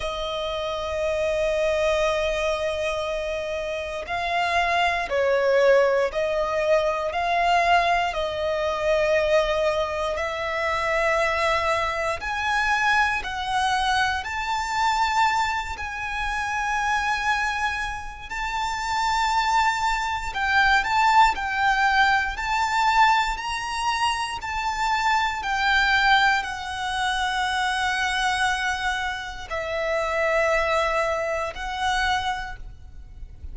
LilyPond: \new Staff \with { instrumentName = "violin" } { \time 4/4 \tempo 4 = 59 dis''1 | f''4 cis''4 dis''4 f''4 | dis''2 e''2 | gis''4 fis''4 a''4. gis''8~ |
gis''2 a''2 | g''8 a''8 g''4 a''4 ais''4 | a''4 g''4 fis''2~ | fis''4 e''2 fis''4 | }